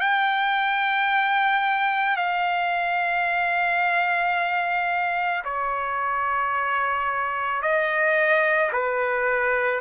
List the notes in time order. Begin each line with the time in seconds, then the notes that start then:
0.00 G5
2.16 F5
5.44 C#5
7.62 D#5
8.72 B4